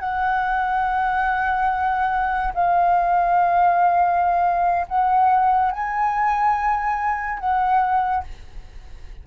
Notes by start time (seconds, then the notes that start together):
0.00 F#5
2.54 F5
4.88 F#5
5.72 G#5
7.39 F#5